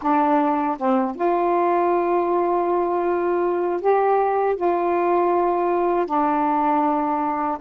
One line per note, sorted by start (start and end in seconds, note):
0.01 0.77 D4
0.77 1.15 C4
1.15 3.80 F4
3.80 4.56 G4
4.56 6.06 F4
6.06 7.57 D4